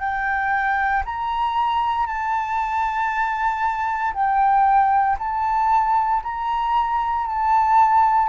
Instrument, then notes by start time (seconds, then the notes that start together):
flute
0.00 G5
1.05 A#5
2.06 A5
4.14 G5
5.19 A5
6.23 A#5
7.26 A5